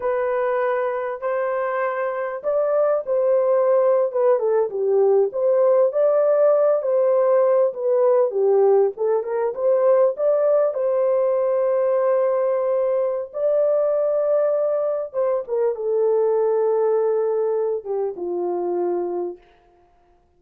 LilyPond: \new Staff \with { instrumentName = "horn" } { \time 4/4 \tempo 4 = 99 b'2 c''2 | d''4 c''4.~ c''16 b'8 a'8 g'16~ | g'8. c''4 d''4. c''8.~ | c''8. b'4 g'4 a'8 ais'8 c''16~ |
c''8. d''4 c''2~ c''16~ | c''2 d''2~ | d''4 c''8 ais'8 a'2~ | a'4. g'8 f'2 | }